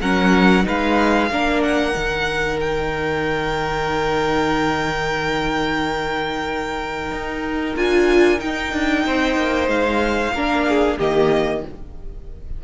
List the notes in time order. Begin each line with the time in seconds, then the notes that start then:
0.00 F#3 C#4 A#4 F#5
0.63 G#3 D#4 B4 F5
1.30 A#3 D4 A#4
1.62 F#5
1.92 D#3 D#4
2.60 G5
7.11 D#4
7.76 D4 F4 G#5
8.38 D#4 G5
8.72 D4
9.05 C4 C5
9.37 A#3
9.67 G#3 F5
10.32 A#3 D4 A#4
10.68 G#4
10.97 D#3 A#3 G4 D#5